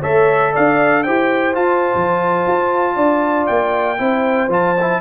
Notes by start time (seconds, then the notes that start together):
0.00 A3 A4 C#5 E5
0.53 D4 D5 F5
1.03 E4 G4 C5 G5
1.54 F4 A5
1.95 F3
2.47 F4
2.95 D4 D5
3.47 A#3 G5
3.98 C4 E4 C5
4.49 F3 F4 A5
4.81 E4